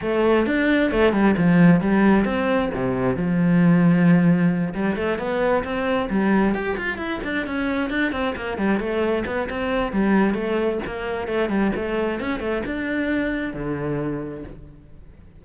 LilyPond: \new Staff \with { instrumentName = "cello" } { \time 4/4 \tempo 4 = 133 a4 d'4 a8 g8 f4 | g4 c'4 c4 f4~ | f2~ f8 g8 a8 b8~ | b8 c'4 g4 g'8 f'8 e'8 |
d'8 cis'4 d'8 c'8 ais8 g8 a8~ | a8 b8 c'4 g4 a4 | ais4 a8 g8 a4 cis'8 a8 | d'2 d2 | }